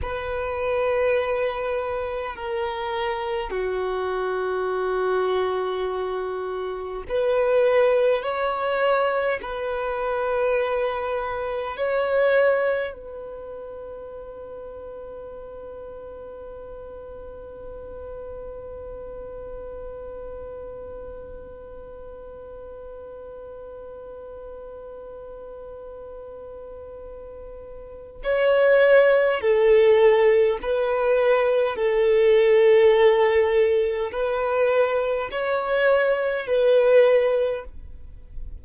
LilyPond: \new Staff \with { instrumentName = "violin" } { \time 4/4 \tempo 4 = 51 b'2 ais'4 fis'4~ | fis'2 b'4 cis''4 | b'2 cis''4 b'4~ | b'1~ |
b'1~ | b'1 | cis''4 a'4 b'4 a'4~ | a'4 b'4 cis''4 b'4 | }